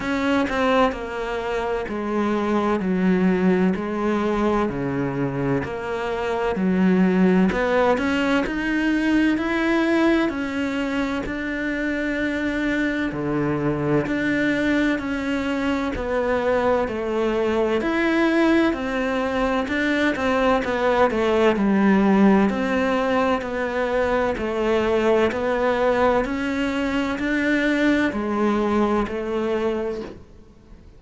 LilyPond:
\new Staff \with { instrumentName = "cello" } { \time 4/4 \tempo 4 = 64 cis'8 c'8 ais4 gis4 fis4 | gis4 cis4 ais4 fis4 | b8 cis'8 dis'4 e'4 cis'4 | d'2 d4 d'4 |
cis'4 b4 a4 e'4 | c'4 d'8 c'8 b8 a8 g4 | c'4 b4 a4 b4 | cis'4 d'4 gis4 a4 | }